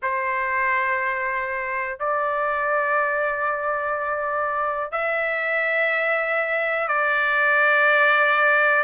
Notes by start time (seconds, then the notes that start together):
0.02 C5
1.99 D5
4.91 E5
6.88 D5